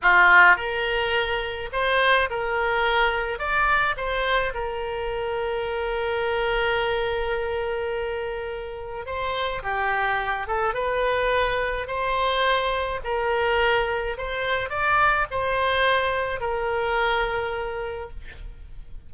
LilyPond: \new Staff \with { instrumentName = "oboe" } { \time 4/4 \tempo 4 = 106 f'4 ais'2 c''4 | ais'2 d''4 c''4 | ais'1~ | ais'1 |
c''4 g'4. a'8 b'4~ | b'4 c''2 ais'4~ | ais'4 c''4 d''4 c''4~ | c''4 ais'2. | }